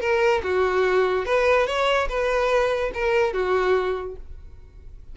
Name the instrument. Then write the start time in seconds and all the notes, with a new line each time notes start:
violin
0.00 A#4
0.43 F#4
1.25 B4
1.66 C#5
2.08 B4
2.94 A#4
3.33 F#4